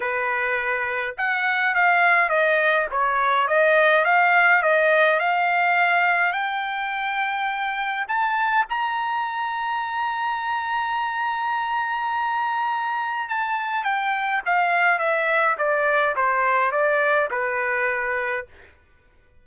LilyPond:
\new Staff \with { instrumentName = "trumpet" } { \time 4/4 \tempo 4 = 104 b'2 fis''4 f''4 | dis''4 cis''4 dis''4 f''4 | dis''4 f''2 g''4~ | g''2 a''4 ais''4~ |
ais''1~ | ais''2. a''4 | g''4 f''4 e''4 d''4 | c''4 d''4 b'2 | }